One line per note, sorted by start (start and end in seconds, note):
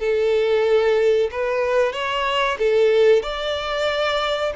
0.00 1.30 A4
1.32 1.93 B4
1.93 2.58 C#5
2.59 3.23 A4
3.23 4.53 D5